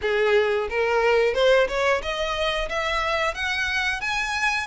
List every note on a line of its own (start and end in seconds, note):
0.01 0.68 G#4
0.69 1.34 A#4
1.34 1.67 C5
1.68 2.01 C#5
2.02 2.68 D#5
2.69 3.34 E5
3.34 4.01 F#5
4.01 4.66 G#5